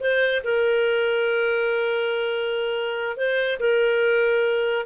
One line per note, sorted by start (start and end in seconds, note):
0.00 0.42 C5
0.44 3.17 A#4
3.17 3.59 C5
3.60 4.86 A#4